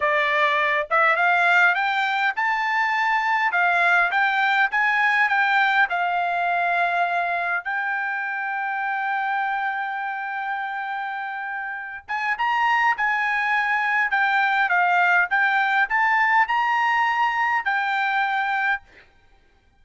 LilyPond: \new Staff \with { instrumentName = "trumpet" } { \time 4/4 \tempo 4 = 102 d''4. e''8 f''4 g''4 | a''2 f''4 g''4 | gis''4 g''4 f''2~ | f''4 g''2.~ |
g''1~ | g''8 gis''8 ais''4 gis''2 | g''4 f''4 g''4 a''4 | ais''2 g''2 | }